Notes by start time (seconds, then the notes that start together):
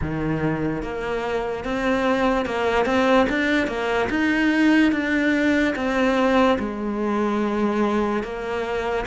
0.01 D#3
0.82 A#3
1.64 C4
2.45 A#3
2.85 C4
3.29 D4
3.67 A#3
4.09 D#4
4.92 D4
5.75 C4
6.58 G#3
8.23 A#3